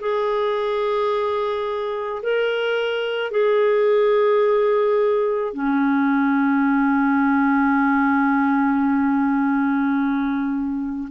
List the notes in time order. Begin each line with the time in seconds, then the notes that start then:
0.00 G#4
2.23 A#4
3.31 G#4
5.53 C#4